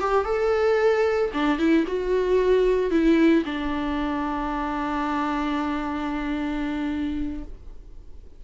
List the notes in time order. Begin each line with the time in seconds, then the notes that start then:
0.00 G4
0.25 A4
1.33 D4
1.59 E4
1.87 F#4
2.91 E4
3.45 D4